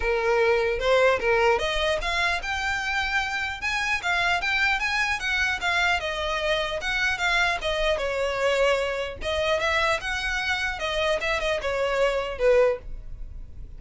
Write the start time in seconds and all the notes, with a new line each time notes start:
0.00 A#4
0.79 C5
1.19 A#4
1.59 D#5
2.01 F5
2.42 G5
3.61 G#5
4.02 F5
4.41 G5
4.79 G#5
5.19 F#5
5.60 F5
5.99 D#5
6.81 F#5
7.17 F5
7.61 D#5
7.97 C#5
9.21 D#5
9.60 E5
10.01 F#5
10.79 D#5
11.20 E5
11.40 D#5
11.61 C#5
12.38 B4